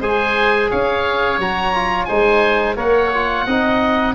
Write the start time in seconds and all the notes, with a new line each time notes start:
0.00 G#3 G#4 C5 G#5
0.70 C#4 C#5 F5
1.38 F#3 F#4 A#5
1.74 F4
2.05 G#3 D#4 C5 G#5
2.76 A#3 A#4 C#5 F#5
3.14 F4
3.46 C4 D#4 D#5